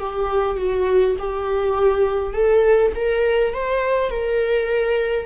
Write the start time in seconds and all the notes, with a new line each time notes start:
0.00 G4
0.58 F#4
1.19 G4
2.34 A4
2.95 A#4
3.54 C5
4.10 A#4